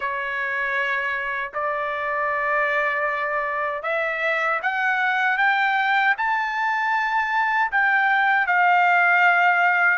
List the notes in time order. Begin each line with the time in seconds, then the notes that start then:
0.00 C#5
1.53 D5
3.83 E5
4.62 F#5
5.37 G5
6.17 A5
7.71 G5
8.47 F5